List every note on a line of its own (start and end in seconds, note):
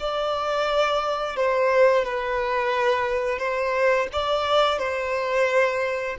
0.00 1.36 D5
1.36 2.05 C5
2.05 3.39 B4
3.39 4.08 C5
4.13 4.79 D5
4.79 6.17 C5